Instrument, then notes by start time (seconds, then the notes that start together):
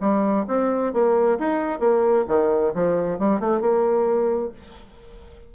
bassoon
0.00 G3
0.47 C4
0.93 A#3
1.38 D#4
1.79 A#3
2.27 D#3
2.74 F3
3.18 G3
3.40 A3
3.60 A#3